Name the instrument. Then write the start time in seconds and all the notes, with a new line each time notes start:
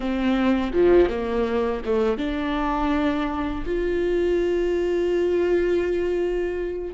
viola
0.00 C4
0.73 F3
1.09 A#3
1.85 A3
2.17 D4
3.65 F4